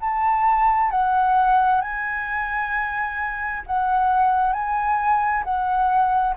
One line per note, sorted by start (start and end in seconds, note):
0.00 0.90 A5
0.90 1.81 F#5
1.81 3.63 G#5
3.67 4.53 F#5
4.53 5.44 G#5
5.44 6.35 F#5